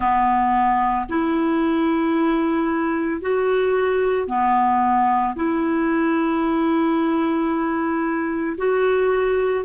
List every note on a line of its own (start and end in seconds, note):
0.00 1.06 B3
1.09 3.21 E4
3.21 4.27 F#4
4.27 5.34 B3
5.35 8.57 E4
8.57 9.64 F#4